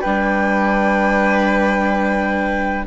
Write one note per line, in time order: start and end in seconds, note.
0.00 2.86 G3
0.00 2.86 D4
0.00 2.84 B4
0.00 2.86 G5